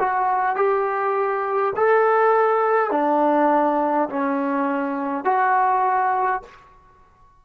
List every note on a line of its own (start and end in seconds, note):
0.00 0.56 F#4
0.56 1.74 G4
1.76 2.91 A4
2.91 4.09 D4
4.10 5.25 C#4
5.25 6.42 F#4